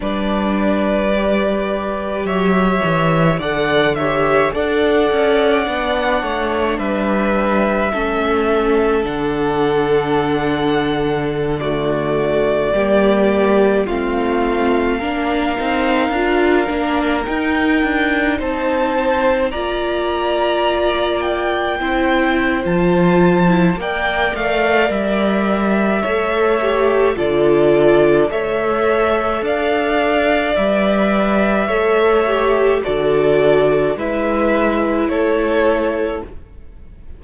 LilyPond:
<<
  \new Staff \with { instrumentName = "violin" } { \time 4/4 \tempo 4 = 53 d''2 e''4 fis''8 e''8 | fis''2 e''2 | fis''2~ fis''16 d''4.~ d''16~ | d''16 f''2. g''8.~ |
g''16 a''4 ais''4. g''4~ g''16 | a''4 g''8 f''8 e''2 | d''4 e''4 f''4 e''4~ | e''4 d''4 e''4 cis''4 | }
  \new Staff \with { instrumentName = "violin" } { \time 4/4 b'2 cis''4 d''8 cis''8 | d''4. cis''8 b'4 a'4~ | a'2~ a'16 fis'4 g'8.~ | g'16 f'4 ais'2~ ais'8.~ |
ais'16 c''4 d''2 c''8.~ | c''4 d''2 cis''4 | a'4 cis''4 d''2 | cis''4 a'4 b'4 a'4 | }
  \new Staff \with { instrumentName = "viola" } { \time 4/4 d'4 g'2 a'8 g'8 | a'4 d'2 cis'4 | d'2~ d'16 a4 ais8.~ | ais16 c'4 d'8 dis'8 f'8 d'8 dis'8.~ |
dis'4~ dis'16 f'2 e'8. | f'8. e'16 ais'2 a'8 g'8 | f'4 a'2 b'4 | a'8 g'8 fis'4 e'2 | }
  \new Staff \with { instrumentName = "cello" } { \time 4/4 g2 fis8 e8 d4 | d'8 cis'8 b8 a8 g4 a4 | d2.~ d16 g8.~ | g16 a4 ais8 c'8 d'8 ais8 dis'8 d'16~ |
d'16 c'4 ais2 c'8. | f4 ais8 a8 g4 a4 | d4 a4 d'4 g4 | a4 d4 gis4 a4 | }
>>